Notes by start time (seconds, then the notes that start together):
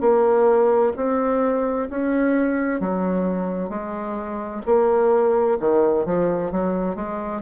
0.00 A#3
0.96 C4
1.90 C#4
2.80 F#3
3.69 G#3
4.65 A#3
5.60 D#3
6.05 F3
6.51 F#3
6.95 G#3